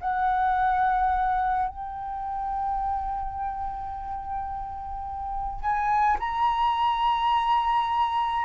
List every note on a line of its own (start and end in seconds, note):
0.00 1.68 F#5
1.68 5.60 G5
5.60 6.17 G#5
6.19 8.45 A#5